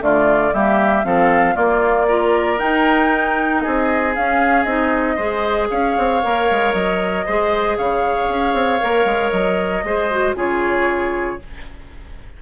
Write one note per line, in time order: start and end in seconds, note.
0.00 0.53 D3
0.00 0.52 A3
0.00 0.54 F4
0.00 0.54 D5
0.54 1.05 G3
0.54 1.04 A#3
0.54 1.06 G4
0.54 1.04 E5
1.04 1.56 F3
1.04 1.55 C4
1.04 1.55 A4
1.04 1.56 F5
1.55 2.06 A#3
1.55 2.61 A#3
1.55 2.07 F4
1.55 2.59 D5
2.08 2.58 F4
2.08 3.63 A#4
2.58 4.13 D#4
2.58 3.65 D#4
2.58 3.61 G5
3.61 4.17 C4
3.61 5.16 G#4
3.61 4.13 D#5
4.15 4.65 C#4
4.15 4.66 C#4
4.15 4.63 F5
4.63 5.17 C4
4.63 5.18 D#4
4.63 5.67 D#5
5.16 5.70 G#3
5.16 6.22 G#4
5.16 5.68 C5
5.70 5.97 C#4
5.70 7.26 C#5
5.70 6.73 F5
5.98 6.23 C4
6.23 6.50 A#3
6.23 7.27 A#4
6.51 6.74 G#3
6.73 7.26 F#3
6.73 7.77 D#5
7.26 7.78 G#3
7.26 8.80 G#4
7.26 7.77 C5
7.77 8.29 C#3
7.77 9.85 C#5
7.77 9.31 F5
8.29 8.54 C#4
8.54 8.80 C4
8.80 9.05 A#3
8.80 9.84 A#4
9.05 9.31 G#3
9.31 9.84 F#3
9.31 10.34 D#5
9.84 10.35 G#3
9.84 10.11 G#4
9.84 10.36 C5
10.11 10.36 F#4
10.35 11.38 C#3
10.35 11.39 F4
10.35 11.40 G#4
10.35 11.42 C#5